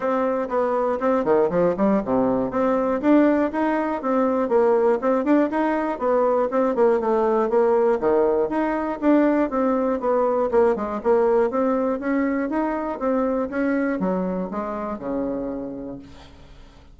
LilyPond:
\new Staff \with { instrumentName = "bassoon" } { \time 4/4 \tempo 4 = 120 c'4 b4 c'8 dis8 f8 g8 | c4 c'4 d'4 dis'4 | c'4 ais4 c'8 d'8 dis'4 | b4 c'8 ais8 a4 ais4 |
dis4 dis'4 d'4 c'4 | b4 ais8 gis8 ais4 c'4 | cis'4 dis'4 c'4 cis'4 | fis4 gis4 cis2 | }